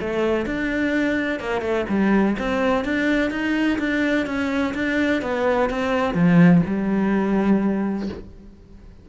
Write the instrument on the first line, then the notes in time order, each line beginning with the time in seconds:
cello
0.00 A3
0.46 D4
1.40 A#3
1.61 A3
1.89 G3
2.38 C4
2.84 D4
3.30 D#4
3.78 D4
4.26 C#4
4.74 D4
5.22 B3
5.69 C4
6.14 F3
6.66 G3